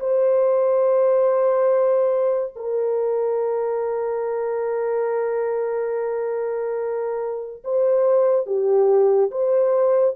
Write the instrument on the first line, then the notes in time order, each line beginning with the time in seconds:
horn
0.00 C5
2.56 A#4
7.65 C5
8.47 G4
9.31 C5